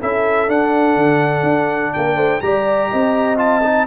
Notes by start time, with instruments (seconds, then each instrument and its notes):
0.00 tuba C#4, trombone E4, horn A4, trumpet E5
0.49 tuba D4, trombone D4, trumpet F#5
0.96 tuba D3
1.43 tuba D4
1.94 tuba A#3, horn A#4, trumpet G5
2.16 tuba A3, horn C5
2.41 tuba G3, trombone G4, horn D5, trumpet A#5
2.91 tuba C4, horn D#5
3.37 trombone F4, trumpet A5
3.64 trombone D#4